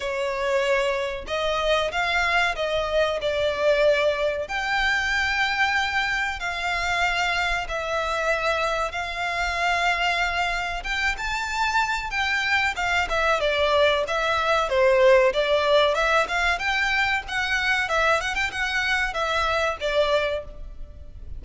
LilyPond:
\new Staff \with { instrumentName = "violin" } { \time 4/4 \tempo 4 = 94 cis''2 dis''4 f''4 | dis''4 d''2 g''4~ | g''2 f''2 | e''2 f''2~ |
f''4 g''8 a''4. g''4 | f''8 e''8 d''4 e''4 c''4 | d''4 e''8 f''8 g''4 fis''4 | e''8 fis''16 g''16 fis''4 e''4 d''4 | }